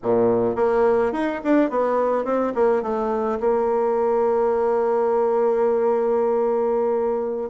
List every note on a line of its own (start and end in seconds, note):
0.03 0.55 A#2
0.55 1.12 A#3
1.12 1.40 D#4
1.44 1.70 D4
1.70 2.24 B3
2.24 2.53 C4
2.54 2.82 A#3
2.82 3.38 A3
3.40 7.50 A#3